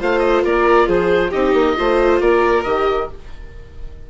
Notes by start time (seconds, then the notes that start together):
0.00 A3 F4 C5 F5
0.19 D#5
0.44 A#3 A#4 D5
0.88 F3 G#4 C5
1.31 C4 D#4 G4 D#5
1.53 A#3
1.77 A3 F4 C5
2.21 A#3 A#4 D5
2.64 D#3 G4 D#5